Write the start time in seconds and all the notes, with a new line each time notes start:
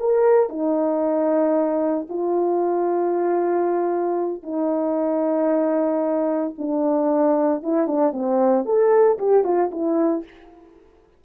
0.00 A#4
0.50 D#4
2.10 F4
4.43 D#4
6.59 D4
7.63 E4
7.88 D4
8.13 C4
8.66 A4
9.19 G4
9.45 F4
9.72 E4